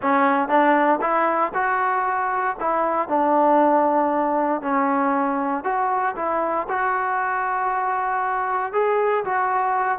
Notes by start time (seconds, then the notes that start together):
0.02 C#4
0.48 D4
1.01 E4
1.54 F#4
2.60 E4
3.08 D4
4.61 C#4
5.63 F#4
6.16 E4
6.68 F#4
8.72 G#4
9.24 F#4